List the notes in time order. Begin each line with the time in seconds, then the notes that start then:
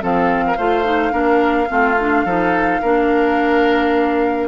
0.00 F3 C4 A4 F5
0.47 A#4
0.57 A3 F4 C5
0.84 D#4
1.11 A#3 D4 A#4
1.68 A3 C4 F4
2.00 D4
2.25 F3 D#4 A4
2.82 A#3 D4 A#4